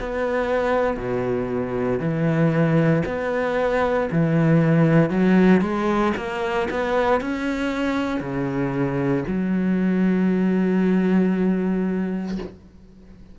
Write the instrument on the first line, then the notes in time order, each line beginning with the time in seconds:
cello
0.00 B3
0.97 B2
2.00 E3
3.06 B3
4.12 E3
5.10 F#3
5.61 G#3
6.17 A#3
6.71 B3
7.21 C#4
8.21 C#3
9.28 F#3